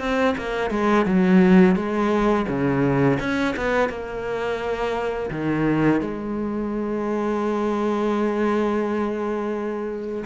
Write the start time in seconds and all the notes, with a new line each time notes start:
0.00 C4
0.38 A#3
0.71 G#3
1.06 F#3
1.76 G#3
2.48 C#3
3.20 C#4
3.56 B3
3.90 A#3
5.31 D#3
6.01 G#3